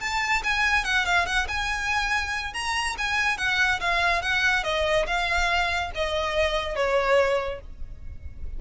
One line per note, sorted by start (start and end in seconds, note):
0.00 0.42 A5
0.44 0.84 G#5
0.84 1.05 F#5
1.06 1.26 F5
1.26 1.47 F#5
1.48 2.54 G#5
2.54 2.96 A#5
2.98 3.38 G#5
3.38 3.80 F#5
3.80 4.22 F5
4.22 4.64 F#5
4.64 5.06 D#5
5.07 5.91 F5
5.95 6.76 D#5
6.76 7.60 C#5